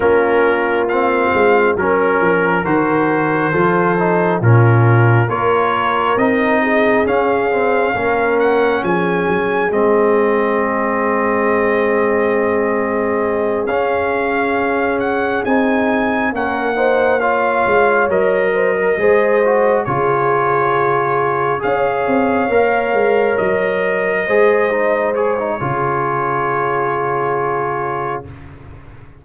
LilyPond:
<<
  \new Staff \with { instrumentName = "trumpet" } { \time 4/4 \tempo 4 = 68 ais'4 f''4 ais'4 c''4~ | c''4 ais'4 cis''4 dis''4 | f''4. fis''8 gis''4 dis''4~ | dis''2.~ dis''8 f''8~ |
f''4 fis''8 gis''4 fis''4 f''8~ | f''8 dis''2 cis''4.~ | cis''8 f''2 dis''4.~ | dis''8 cis''2.~ cis''8 | }
  \new Staff \with { instrumentName = "horn" } { \time 4/4 f'2 ais'2 | a'4 f'4 ais'4. gis'8~ | gis'4 ais'4 gis'2~ | gis'1~ |
gis'2~ gis'8 ais'8 c''8 cis''8~ | cis''4 c''16 ais'16 c''4 gis'4.~ | gis'8 cis''2. c''8~ | c''4 gis'2. | }
  \new Staff \with { instrumentName = "trombone" } { \time 4/4 cis'4 c'4 cis'4 fis'4 | f'8 dis'8 cis'4 f'4 dis'4 | cis'8 c'8 cis'2 c'4~ | c'2.~ c'8 cis'8~ |
cis'4. dis'4 cis'8 dis'8 f'8~ | f'8 ais'4 gis'8 fis'8 f'4.~ | f'8 gis'4 ais'2 gis'8 | dis'8 gis'16 dis'16 f'2. | }
  \new Staff \with { instrumentName = "tuba" } { \time 4/4 ais4. gis8 fis8 f8 dis4 | f4 ais,4 ais4 c'4 | cis'4 ais4 f8 fis8 gis4~ | gis2.~ gis8 cis'8~ |
cis'4. c'4 ais4. | gis8 fis4 gis4 cis4.~ | cis8 cis'8 c'8 ais8 gis8 fis4 gis8~ | gis4 cis2. | }
>>